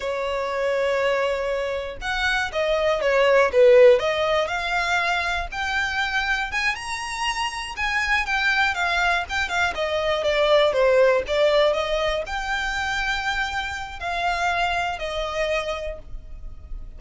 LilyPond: \new Staff \with { instrumentName = "violin" } { \time 4/4 \tempo 4 = 120 cis''1 | fis''4 dis''4 cis''4 b'4 | dis''4 f''2 g''4~ | g''4 gis''8 ais''2 gis''8~ |
gis''8 g''4 f''4 g''8 f''8 dis''8~ | dis''8 d''4 c''4 d''4 dis''8~ | dis''8 g''2.~ g''8 | f''2 dis''2 | }